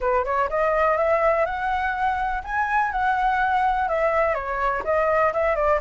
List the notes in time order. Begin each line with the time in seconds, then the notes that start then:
0.00 B4
0.25 C#5
0.49 D#5
0.97 E5
1.45 F#5
2.44 G#5
2.91 F#5
3.88 E5
4.34 C#5
4.84 D#5
5.33 E5
5.55 D5